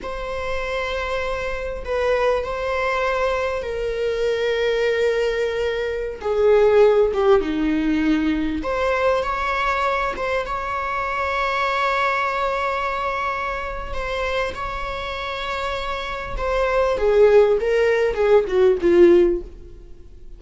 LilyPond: \new Staff \with { instrumentName = "viola" } { \time 4/4 \tempo 4 = 99 c''2. b'4 | c''2 ais'2~ | ais'2~ ais'16 gis'4. g'16~ | g'16 dis'2 c''4 cis''8.~ |
cis''8. c''8 cis''2~ cis''8.~ | cis''2. c''4 | cis''2. c''4 | gis'4 ais'4 gis'8 fis'8 f'4 | }